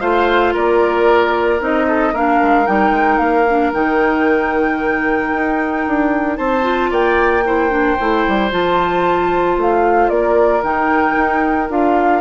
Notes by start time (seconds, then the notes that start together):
0.00 A3 F4 C5 F5
0.53 A#3 A#4 D5
1.60 C4 D#4 D#5
1.87 A4
2.12 A#3 D4 A#4 F5
2.42 G#3
2.65 G3 D#4 G5
2.90 G#3
3.18 A#3 F5
3.49 D4
3.72 D#3 D#4 G5
5.33 D#4
5.87 D4
6.37 C4 C5 A5
6.62 F4
6.90 A#3 D5 G5
7.45 E4 C5
7.69 D4
7.99 A3 E4
8.27 G3
8.50 F3 F4 A5
9.57 A3 F5
10.09 A#3 A#4 D5
10.62 D#3 D#4 G5
11.16 D#4
11.69 D4 F4 F5